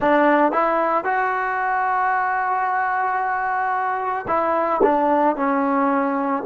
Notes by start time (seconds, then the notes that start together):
0.00 D4
0.52 E4
1.04 F#4
4.27 E4
4.82 D4
5.36 C#4